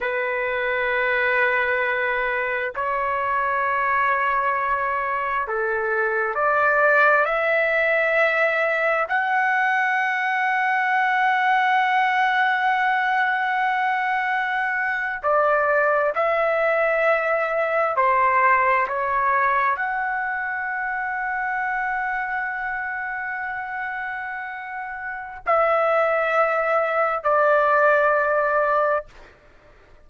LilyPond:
\new Staff \with { instrumentName = "trumpet" } { \time 4/4 \tempo 4 = 66 b'2. cis''4~ | cis''2 a'4 d''4 | e''2 fis''2~ | fis''1~ |
fis''8. d''4 e''2 c''16~ | c''8. cis''4 fis''2~ fis''16~ | fis''1 | e''2 d''2 | }